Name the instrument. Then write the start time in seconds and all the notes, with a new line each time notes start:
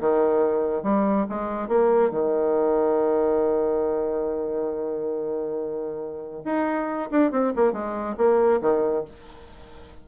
bassoon
0.00 D#3
0.83 G3
1.29 G#3
1.68 A#3
2.11 D#3
6.45 D#4
7.11 D4
7.32 C4
7.56 A#3
7.73 G#3
8.17 A#3
8.62 D#3